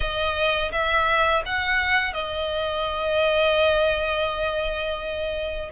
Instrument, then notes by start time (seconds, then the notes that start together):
violin
0.00 D#5
0.71 E5
1.45 F#5
2.13 D#5